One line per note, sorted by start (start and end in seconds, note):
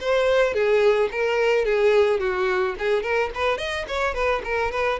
0.00 0.54 C5
0.54 1.09 G#4
1.11 1.65 A#4
1.65 2.20 G#4
2.20 2.75 F#4
2.78 3.02 G#4
3.02 3.30 A#4
3.34 3.58 B4
3.58 3.85 D#5
3.87 4.14 C#5
4.14 4.42 B4
4.44 4.71 A#4
4.71 4.99 B4